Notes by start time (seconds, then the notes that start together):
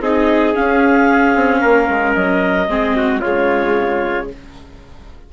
0.00 C4 D#4 G#4 D#5
0.54 C#4 F5
1.35 C4
1.60 A#3 A#4
1.89 G#3
2.14 F#3 D#5
2.68 G#3 C4 G#4
2.96 F#4
3.20 C#3 G#3 F4 C#5